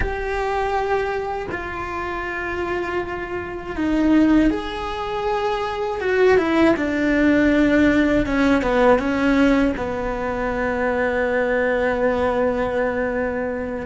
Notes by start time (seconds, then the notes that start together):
0.00 G4
1.51 F4
3.75 D#4
4.50 G#4
6.00 F#4
6.37 E4
6.76 D4
8.26 C#4
8.61 B3
8.99 C#4
9.76 B3